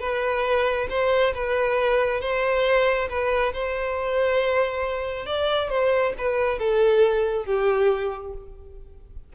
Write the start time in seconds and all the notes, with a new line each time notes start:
0.00 B4
0.90 C5
1.34 B4
2.21 C5
3.09 B4
3.53 C5
5.26 D5
5.70 C5
6.18 B4
6.59 A4
7.45 G4